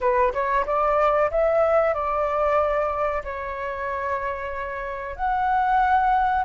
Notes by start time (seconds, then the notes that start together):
0.00 B4
0.33 C#5
0.65 D5
1.30 E5
1.94 D5
3.23 C#5
5.16 F#5